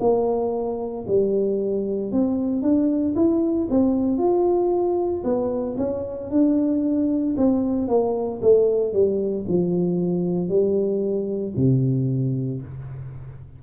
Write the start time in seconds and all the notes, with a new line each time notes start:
0.00 A#3
1.07 G3
2.11 C4
2.62 D4
3.15 E4
3.70 C4
4.18 F4
5.23 B3
5.78 C#4
6.30 D4
7.37 C4
7.88 A#3
8.42 A3
8.93 G3
9.48 F3
10.48 G3
11.56 C3